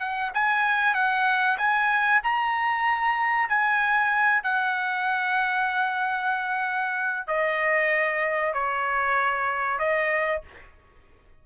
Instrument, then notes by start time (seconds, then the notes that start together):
trumpet
0.00 F#5
0.34 G#5
0.95 F#5
1.58 G#5
2.24 A#5
3.49 G#5
4.44 F#5
7.28 D#5
8.54 C#5
9.79 D#5